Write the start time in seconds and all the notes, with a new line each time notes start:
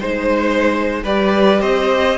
0.00 G#3 D#4 C5
1.04 G3 G4 B4 D5
1.61 C4 C5 D#5